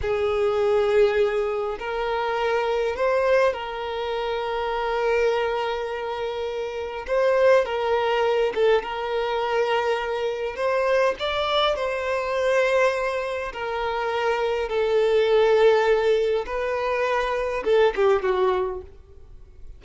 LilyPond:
\new Staff \with { instrumentName = "violin" } { \time 4/4 \tempo 4 = 102 gis'2. ais'4~ | ais'4 c''4 ais'2~ | ais'1 | c''4 ais'4. a'8 ais'4~ |
ais'2 c''4 d''4 | c''2. ais'4~ | ais'4 a'2. | b'2 a'8 g'8 fis'4 | }